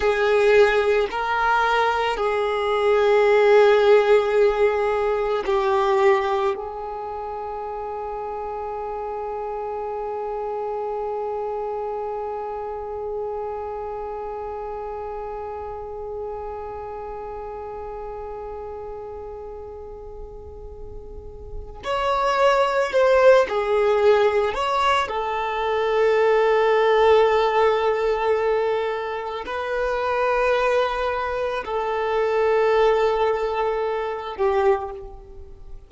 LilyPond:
\new Staff \with { instrumentName = "violin" } { \time 4/4 \tempo 4 = 55 gis'4 ais'4 gis'2~ | gis'4 g'4 gis'2~ | gis'1~ | gis'1~ |
gis'1 | cis''4 c''8 gis'4 cis''8 a'4~ | a'2. b'4~ | b'4 a'2~ a'8 g'8 | }